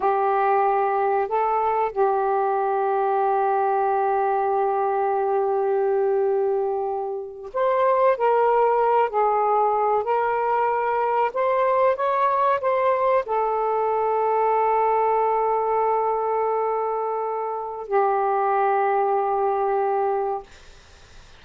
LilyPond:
\new Staff \with { instrumentName = "saxophone" } { \time 4/4 \tempo 4 = 94 g'2 a'4 g'4~ | g'1~ | g'2.~ g'8. c''16~ | c''8. ais'4. gis'4. ais'16~ |
ais'4.~ ais'16 c''4 cis''4 c''16~ | c''8. a'2.~ a'16~ | a'1 | g'1 | }